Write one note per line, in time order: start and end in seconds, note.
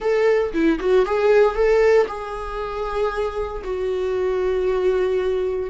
0.00 0.52 A4
0.53 0.79 E4
0.79 1.05 F#4
1.05 1.55 G#4
1.55 2.06 A4
2.07 3.62 G#4
3.64 5.70 F#4